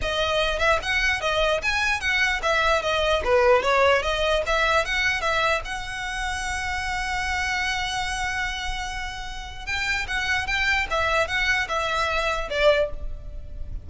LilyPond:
\new Staff \with { instrumentName = "violin" } { \time 4/4 \tempo 4 = 149 dis''4. e''8 fis''4 dis''4 | gis''4 fis''4 e''4 dis''4 | b'4 cis''4 dis''4 e''4 | fis''4 e''4 fis''2~ |
fis''1~ | fis''1 | g''4 fis''4 g''4 e''4 | fis''4 e''2 d''4 | }